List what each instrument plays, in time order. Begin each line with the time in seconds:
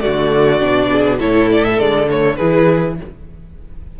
0.00 cello D3, viola A3, violin F#4 D5
0.60 cello B2, viola D4
0.92 violin G#4
1.18 cello A2, viola E4, violin A4 C#5
1.51 violin D5
1.64 violin E5
1.78 cello D3, viola G#3, violin D5
2.07 viola A3, violin C#5
2.36 cello E3, viola E4, violin G#4 B4